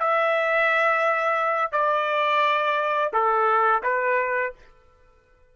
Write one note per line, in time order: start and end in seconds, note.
0.00 1.72 E5
1.72 3.12 D5
3.13 3.83 A4
3.84 4.53 B4